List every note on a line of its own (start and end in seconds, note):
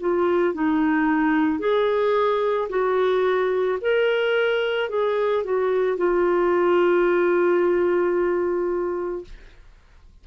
0.00 0.54 F4
0.54 1.59 D#4
1.59 2.68 G#4
2.69 3.78 F#4
3.81 4.89 A#4
4.89 5.44 G#4
5.44 5.97 F#4
5.97 9.24 F4